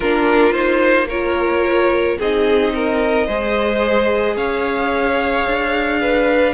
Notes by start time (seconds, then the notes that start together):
0.00 A#3 D4 F4 A#4
0.52 D#4 C5
1.08 F4 A#4 C#5
2.18 C4 D#4 G#4 D#5
2.74 A#4
3.26 G#3 G#4 C5
4.36 C#4 C#5 F5
5.46 D4
6.00 B4